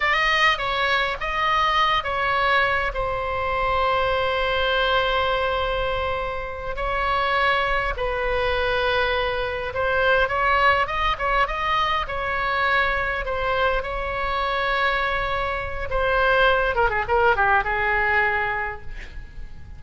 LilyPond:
\new Staff \with { instrumentName = "oboe" } { \time 4/4 \tempo 4 = 102 dis''4 cis''4 dis''4. cis''8~ | cis''4 c''2.~ | c''2.~ c''8 cis''8~ | cis''4. b'2~ b'8~ |
b'8 c''4 cis''4 dis''8 cis''8 dis''8~ | dis''8 cis''2 c''4 cis''8~ | cis''2. c''4~ | c''8 ais'16 gis'16 ais'8 g'8 gis'2 | }